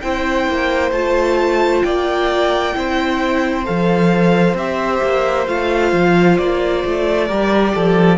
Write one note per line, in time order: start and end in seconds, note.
0.00 0.48 C4
0.00 0.94 E4
0.00 1.85 C5
0.00 0.91 G5
0.48 0.91 A#3
0.91 1.82 A3
0.91 2.74 F4
0.91 1.83 A5
1.83 2.75 A#3
1.83 2.76 D5
1.83 3.65 G5
2.74 3.67 C4
2.74 3.65 E4
2.74 7.27 C5
3.65 4.54 F3
3.65 4.56 A4
3.65 4.57 F5
4.54 5.00 C4
4.54 5.47 G4
4.54 5.47 E5
5.03 5.47 A#3
5.47 5.93 A3
5.47 7.29 F4
5.47 6.37 F5
5.93 6.38 F3
6.37 6.84 A#3
6.37 8.18 D5
6.85 7.30 A3
7.27 7.76 G3
7.27 8.18 G4
7.27 7.72 A#4
7.74 8.18 F3
7.74 8.18 A4